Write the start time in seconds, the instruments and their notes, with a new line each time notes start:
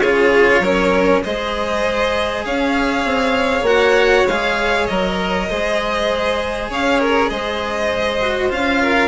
0.00 bassoon C#3, cello F4, violin G#4 C#5
0.59 bassoon F#3, cello C#4, violin A#4
1.23 bassoon G#3, cello G#4, violin C5 D#5
2.45 bassoon C#4, violin C#5 F5
3.04 bassoon C4
3.62 bassoon A#3, cello F#4, violin F#5
4.28 bassoon G#3, cello G#4, violin F5
4.86 bassoon F#3, cello A#4, violin D#5
5.48 bassoon G#3, cello G#4, violin C5
6.69 bassoon C#4, violin C#5 F5
6.99 violin A#4
7.30 bassoon G#3, violin C5 D#5
8.21 cello F#4
8.49 bassoon C#4, cello F4, violin F5
8.81 violin A#4